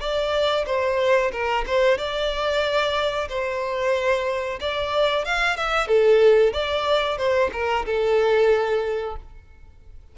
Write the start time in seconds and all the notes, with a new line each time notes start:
0.00 D5
0.66 C5
1.32 A#4
1.66 C5
1.98 D5
3.29 C5
4.60 D5
5.25 F5
5.56 E5
5.88 A4
6.53 D5
7.17 C5
7.53 A#4
7.86 A4